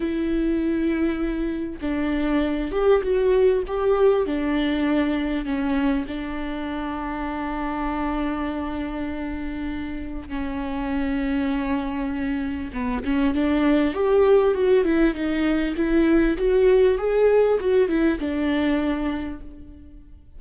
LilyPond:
\new Staff \with { instrumentName = "viola" } { \time 4/4 \tempo 4 = 99 e'2. d'4~ | d'8 g'8 fis'4 g'4 d'4~ | d'4 cis'4 d'2~ | d'1~ |
d'4 cis'2.~ | cis'4 b8 cis'8 d'4 g'4 | fis'8 e'8 dis'4 e'4 fis'4 | gis'4 fis'8 e'8 d'2 | }